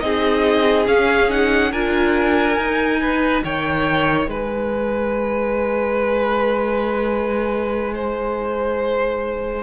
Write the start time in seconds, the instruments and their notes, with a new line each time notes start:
0.00 cello C4, viola D#4, violin G#4 D#5
0.86 viola C#4, cello C#4, violin F5
1.29 viola D#4, violin F#5
1.71 cello D4, viola F4, violin A#4 G#5
2.57 cello D#4, viola D#4
3.00 violin B4
3.44 cello D#3, violin C#5 G5
4.27 cello G#3, violin B4 G#5
7.94 violin C5